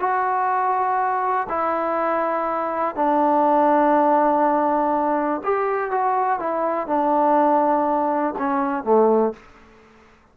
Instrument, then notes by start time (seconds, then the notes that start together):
trombone
0.00 F#4
1.49 E4
2.96 D4
5.44 G4
5.91 F#4
6.40 E4
6.87 D4
8.39 C#4
8.84 A3